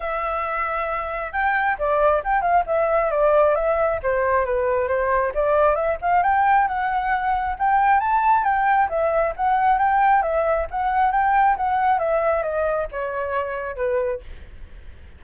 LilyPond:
\new Staff \with { instrumentName = "flute" } { \time 4/4 \tempo 4 = 135 e''2. g''4 | d''4 g''8 f''8 e''4 d''4 | e''4 c''4 b'4 c''4 | d''4 e''8 f''8 g''4 fis''4~ |
fis''4 g''4 a''4 g''4 | e''4 fis''4 g''4 e''4 | fis''4 g''4 fis''4 e''4 | dis''4 cis''2 b'4 | }